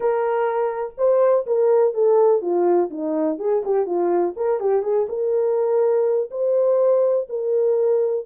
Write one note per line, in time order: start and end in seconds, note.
0.00 0.94 A#4
0.97 1.45 C5
1.46 1.94 A#4
1.94 2.41 A4
2.41 2.90 F4
2.90 3.38 D#4
3.38 3.63 G#4
3.64 3.86 G4
3.86 4.34 F4
4.36 4.60 A#4
4.60 4.82 G4
4.82 5.06 G#4
5.09 6.29 A#4
6.30 7.27 C5
7.29 8.25 A#4